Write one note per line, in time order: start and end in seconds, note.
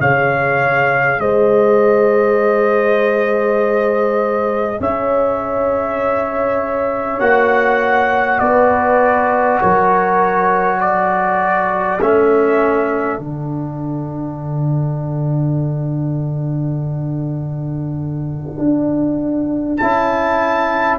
0.00 1.20 C#3
0.00 7.20 G#4
0.00 1.20 C#5
0.00 1.21 F5
1.20 4.79 G#3
1.20 4.81 C5
1.20 4.80 D#5
4.80 7.20 C#4
4.80 8.41 C#5
4.80 7.21 E5
7.20 8.40 A#3
7.20 12.00 F#4
7.20 8.39 F#5
8.39 9.61 B3
8.39 9.62 B4
8.39 9.59 D5
9.61 12.02 F#3
9.61 10.80 A#4
9.61 10.81 C#5
10.80 20.99 A4
10.80 12.01 D5
12.02 13.19 A3
12.02 13.19 C#4
12.02 13.21 E5
13.19 18.59 D3
13.19 19.79 D4
13.19 19.78 F#5
18.59 19.79 D4
19.78 20.99 C#4
19.78 20.99 E4
19.78 20.98 A5